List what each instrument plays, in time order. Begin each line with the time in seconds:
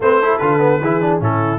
0.00 tuba A3, trombone C4, horn B4, trumpet C5
0.21 trombone E4, horn A4
0.38 tuba D3, trombone F4, trumpet B4
0.59 trombone B3
0.81 tuba E3, trombone E4, horn G#4
1.01 trombone D4
1.20 tuba A2, trombone C#4, horn E4, trumpet A4